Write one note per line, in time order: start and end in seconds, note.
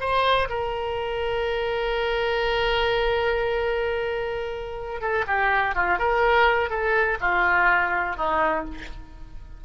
0.00 0.48 C5
0.49 5.01 A#4
5.01 5.25 A4
5.27 5.75 G4
5.75 5.98 F4
5.98 6.70 A#4
6.70 7.18 A4
7.21 8.16 F4
8.16 8.64 D#4